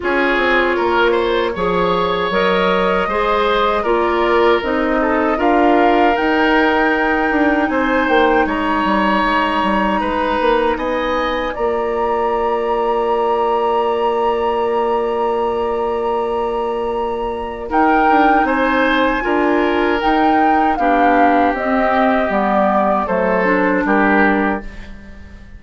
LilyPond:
<<
  \new Staff \with { instrumentName = "flute" } { \time 4/4 \tempo 4 = 78 cis''2. dis''4~ | dis''4 d''4 dis''4 f''4 | g''2 gis''8 g''8 ais''4~ | ais''2 gis''4 ais''4~ |
ais''1~ | ais''2. g''4 | gis''2 g''4 f''4 | dis''4 d''4 c''4 ais'4 | }
  \new Staff \with { instrumentName = "oboe" } { \time 4/4 gis'4 ais'8 c''8 cis''2 | c''4 ais'4. a'8 ais'4~ | ais'2 c''4 cis''4~ | cis''4 b'4 dis''4 d''4~ |
d''1~ | d''2. ais'4 | c''4 ais'2 g'4~ | g'2 a'4 g'4 | }
  \new Staff \with { instrumentName = "clarinet" } { \time 4/4 f'2 gis'4 ais'4 | gis'4 f'4 dis'4 f'4 | dis'1~ | dis'2. f'4~ |
f'1~ | f'2. dis'4~ | dis'4 f'4 dis'4 d'4 | c'4 b4 a8 d'4. | }
  \new Staff \with { instrumentName = "bassoon" } { \time 4/4 cis'8 c'8 ais4 f4 fis4 | gis4 ais4 c'4 d'4 | dis'4. d'8 c'8 ais8 gis8 g8 | gis8 g8 gis8 ais8 b4 ais4~ |
ais1~ | ais2. dis'8 d'8 | c'4 d'4 dis'4 b4 | c'4 g4 fis4 g4 | }
>>